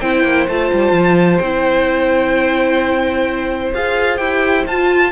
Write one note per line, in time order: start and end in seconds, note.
0.00 0.23 C4
0.00 0.49 E4
0.00 5.11 C5
0.00 0.47 G5
0.23 0.46 A#3
0.47 0.71 A3
0.47 1.42 F4
0.47 1.38 A5
0.73 0.91 G3
0.91 1.38 F3
1.38 3.73 C4
1.38 3.74 E4
1.38 3.71 G5
3.74 4.19 F4
3.74 4.18 G#4
3.74 4.17 F5
4.17 4.65 E4
4.17 4.65 G4
4.17 4.63 G5
4.66 5.11 F4
4.66 5.11 A5